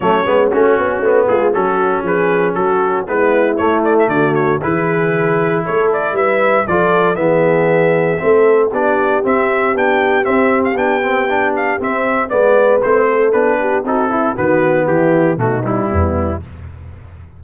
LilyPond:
<<
  \new Staff \with { instrumentName = "trumpet" } { \time 4/4 \tempo 4 = 117 cis''4 fis'4. gis'8 a'4 | b'4 a'4 b'4 cis''8 d''16 e''16 | d''8 cis''8 b'2 cis''8 d''8 | e''4 d''4 e''2~ |
e''4 d''4 e''4 g''4 | e''8. f''16 g''4. f''8 e''4 | d''4 c''4 b'4 a'4 | b'4 g'4 fis'8 e'4. | }
  \new Staff \with { instrumentName = "horn" } { \time 4/4 cis'2~ cis'8 f'8 fis'4 | gis'4 fis'4 e'2 | fis'4 gis'2 a'4 | b'4 a'4 gis'2 |
a'4 g'2.~ | g'1 | b'4. a'4 g'8 fis'8 e'8 | fis'4 e'4 dis'4 b4 | }
  \new Staff \with { instrumentName = "trombone" } { \time 4/4 a8 b8 cis'4 b4 cis'4~ | cis'2 b4 a4~ | a4 e'2.~ | e'4 f'4 b2 |
c'4 d'4 c'4 d'4 | c'4 d'8 c'8 d'4 c'4 | b4 c'4 d'4 dis'8 e'8 | b2 a8 g4. | }
  \new Staff \with { instrumentName = "tuba" } { \time 4/4 fis8 gis8 a8 b8 a8 gis8 fis4 | f4 fis4 gis4 a4 | d4 e2 a4 | g4 f4 e2 |
a4 b4 c'4 b4 | c'4 b2 c'4 | gis4 a4 b4 c'4 | dis4 e4 b,4 e,4 | }
>>